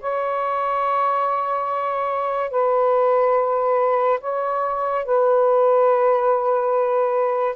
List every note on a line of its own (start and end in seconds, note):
0.00 2.50 C#5
2.50 4.19 B4
4.20 5.05 C#5
5.05 7.55 B4